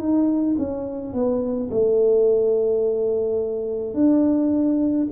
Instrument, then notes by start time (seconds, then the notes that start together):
tuba
0.00 D#4
0.58 C#4
1.13 B3
1.71 A3
3.94 D4